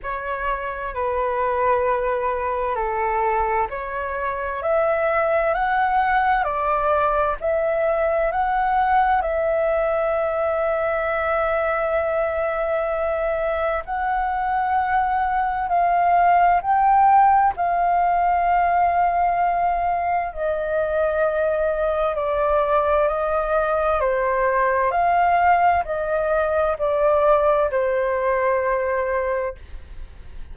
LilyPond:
\new Staff \with { instrumentName = "flute" } { \time 4/4 \tempo 4 = 65 cis''4 b'2 a'4 | cis''4 e''4 fis''4 d''4 | e''4 fis''4 e''2~ | e''2. fis''4~ |
fis''4 f''4 g''4 f''4~ | f''2 dis''2 | d''4 dis''4 c''4 f''4 | dis''4 d''4 c''2 | }